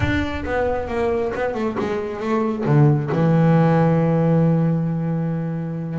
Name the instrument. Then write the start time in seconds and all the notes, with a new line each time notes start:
double bass
0.00 D4
0.45 B3
0.88 A#3
1.34 B3
1.54 A3
1.79 G#3
2.19 A3
2.65 D3
3.12 E3